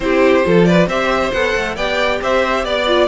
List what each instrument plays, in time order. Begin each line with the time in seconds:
0.00 cello C4, viola E4, violin G4 C5
0.43 cello F3, viola F4, violin A4
0.64 violin B4 D5
0.87 cello C4, viola G4, violin C5 E5
1.31 cello B3, viola A4, violin F#5
1.55 cello A3
1.75 cello B3, viola G4, violin D5 G5
2.21 cello C4, violin C5 E5
2.64 cello B3, violin D5
2.87 viola F4